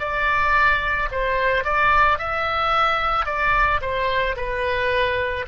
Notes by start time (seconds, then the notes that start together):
0.00 D5
1.12 C5
1.65 D5
2.19 E5
3.26 D5
3.82 C5
4.37 B4